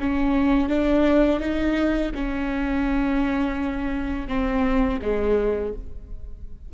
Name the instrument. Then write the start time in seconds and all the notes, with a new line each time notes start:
viola
0.00 C#4
0.69 D4
1.40 D#4
2.15 C#4
4.28 C4
5.02 G#3